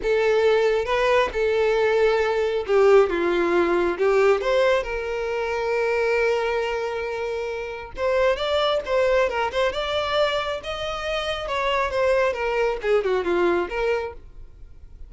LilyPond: \new Staff \with { instrumentName = "violin" } { \time 4/4 \tempo 4 = 136 a'2 b'4 a'4~ | a'2 g'4 f'4~ | f'4 g'4 c''4 ais'4~ | ais'1~ |
ais'2 c''4 d''4 | c''4 ais'8 c''8 d''2 | dis''2 cis''4 c''4 | ais'4 gis'8 fis'8 f'4 ais'4 | }